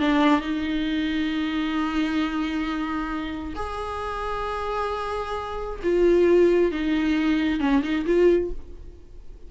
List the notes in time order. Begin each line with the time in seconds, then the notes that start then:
0.00 D4
0.41 D#4
3.56 G#4
5.83 F4
6.72 D#4
7.60 C#4
7.83 D#4
8.06 F4